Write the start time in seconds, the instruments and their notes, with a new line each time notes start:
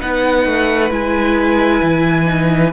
0.00 cello B3, viola D#4, violin B4 F#5
0.46 cello A3
0.91 cello G#3, viola E4, violin G#5
1.83 cello E3
2.25 viola D#4